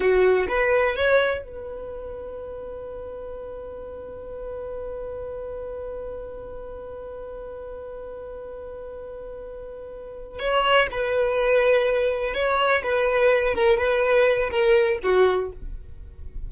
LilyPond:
\new Staff \with { instrumentName = "violin" } { \time 4/4 \tempo 4 = 124 fis'4 b'4 cis''4 b'4~ | b'1~ | b'1~ | b'1~ |
b'1~ | b'4. cis''4 b'4.~ | b'4. cis''4 b'4. | ais'8 b'4. ais'4 fis'4 | }